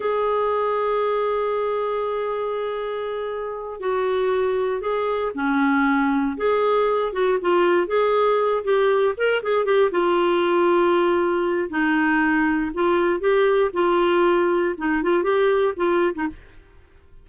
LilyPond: \new Staff \with { instrumentName = "clarinet" } { \time 4/4 \tempo 4 = 118 gis'1~ | gis'2.~ gis'8 fis'8~ | fis'4. gis'4 cis'4.~ | cis'8 gis'4. fis'8 f'4 gis'8~ |
gis'4 g'4 ais'8 gis'8 g'8 f'8~ | f'2. dis'4~ | dis'4 f'4 g'4 f'4~ | f'4 dis'8 f'8 g'4 f'8. dis'16 | }